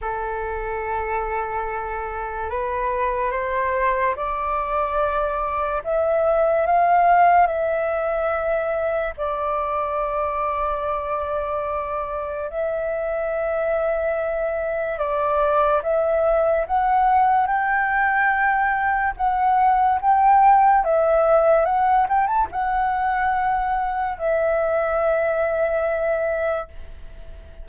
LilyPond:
\new Staff \with { instrumentName = "flute" } { \time 4/4 \tempo 4 = 72 a'2. b'4 | c''4 d''2 e''4 | f''4 e''2 d''4~ | d''2. e''4~ |
e''2 d''4 e''4 | fis''4 g''2 fis''4 | g''4 e''4 fis''8 g''16 a''16 fis''4~ | fis''4 e''2. | }